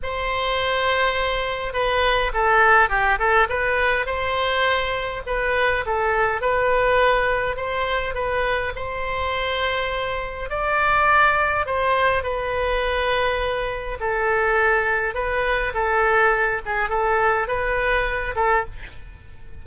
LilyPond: \new Staff \with { instrumentName = "oboe" } { \time 4/4 \tempo 4 = 103 c''2. b'4 | a'4 g'8 a'8 b'4 c''4~ | c''4 b'4 a'4 b'4~ | b'4 c''4 b'4 c''4~ |
c''2 d''2 | c''4 b'2. | a'2 b'4 a'4~ | a'8 gis'8 a'4 b'4. a'8 | }